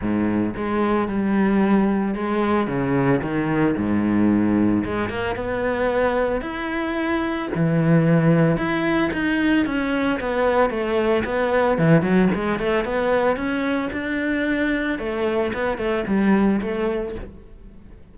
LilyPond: \new Staff \with { instrumentName = "cello" } { \time 4/4 \tempo 4 = 112 gis,4 gis4 g2 | gis4 cis4 dis4 gis,4~ | gis,4 gis8 ais8 b2 | e'2 e2 |
e'4 dis'4 cis'4 b4 | a4 b4 e8 fis8 gis8 a8 | b4 cis'4 d'2 | a4 b8 a8 g4 a4 | }